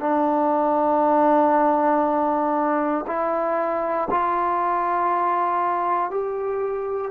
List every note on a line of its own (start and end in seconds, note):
0.00 3.05 D4
3.06 4.08 E4
4.10 6.10 F4
6.10 7.11 G4